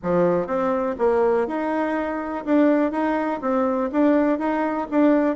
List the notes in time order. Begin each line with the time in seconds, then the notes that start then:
0.02 F3
0.46 C4
0.98 A#3
1.47 D#4
2.45 D4
2.91 D#4
3.41 C4
3.92 D4
4.38 D#4
4.90 D4